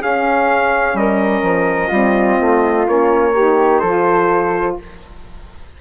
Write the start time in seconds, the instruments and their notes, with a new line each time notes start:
0.00 saxophone C#4, bassoon C#4, flute G#4, trumpet F5
0.94 bassoon G3, flute A#4, trumpet D#5
1.42 bassoon F3
1.88 bassoon G3, saxophone C4, flute F4
2.40 bassoon A3
2.86 bassoon A#3, saxophone C#4, trumpet C#5
3.34 saxophone D#4, flute G4
3.79 bassoon F3, flute A4, trumpet C5
3.86 saxophone F4